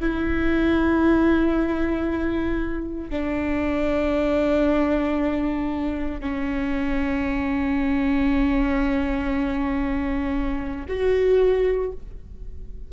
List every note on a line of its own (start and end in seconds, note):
0.00 3.10 E4
3.10 6.20 D4
6.20 10.86 C#4
10.88 11.92 F#4